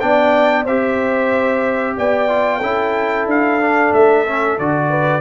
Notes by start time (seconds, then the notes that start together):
0.00 B3 D4 D5 G5
0.64 C4 G4 C5 E5
1.97 B3 D5 G5
2.28 F4
2.58 C#4 E4 A4
3.26 D4 F5
3.60 D4
3.93 A3 E5
4.26 C#4
4.58 D3 F#4 D5
4.89 B4